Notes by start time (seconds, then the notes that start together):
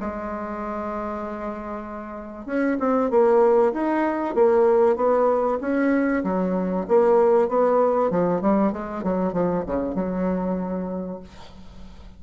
0.00 G#3
2.46 C#4
2.79 C4
3.10 A#3
3.73 D#4
4.35 A#3
4.96 B3
5.61 C#4
6.23 F#3
6.88 A#3
7.48 B3
8.10 F3
8.41 G3
8.72 G#3
9.03 F#3
9.33 F3
9.66 C#3
9.95 F#3